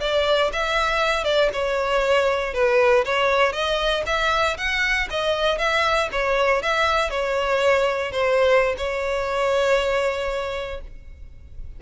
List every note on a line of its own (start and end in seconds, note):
0.00 0.51 D5
0.52 1.24 E5
1.24 1.50 D5
1.53 2.53 C#5
2.53 3.04 B4
3.05 3.52 C#5
3.52 4.03 D#5
4.06 4.57 E5
4.57 5.08 F#5
5.10 5.58 D#5
5.58 6.09 E5
6.12 6.62 C#5
6.62 7.10 E5
7.10 8.12 C#5
8.12 8.75 C5
8.77 10.81 C#5